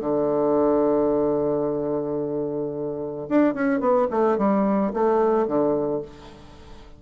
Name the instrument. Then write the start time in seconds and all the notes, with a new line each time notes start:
bassoon
0.00 D3
3.29 D4
3.54 C#4
3.80 B3
4.10 A3
4.38 G3
4.93 A3
5.47 D3